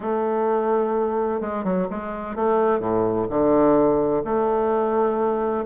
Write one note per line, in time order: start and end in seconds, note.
0.00 1.41 A3
1.41 1.64 G#3
1.64 1.87 F#3
1.90 2.35 G#3
2.35 2.79 A3
2.79 3.26 A2
3.29 4.23 D3
4.24 5.64 A3